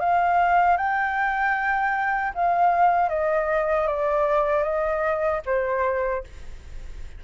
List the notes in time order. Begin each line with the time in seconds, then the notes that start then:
0.00 F5
0.77 G5
2.35 F5
3.10 D#5
3.87 D5
4.64 D#5
5.47 C5